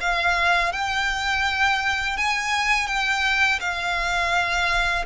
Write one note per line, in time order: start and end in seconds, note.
0.00 0.72 F5
0.72 2.17 G5
2.17 2.87 G#5
2.87 3.59 G5
3.59 5.04 F5